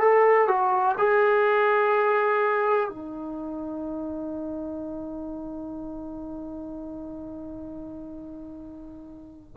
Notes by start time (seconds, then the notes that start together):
0.00 A4
0.48 F#4
0.98 G#4
2.89 D#4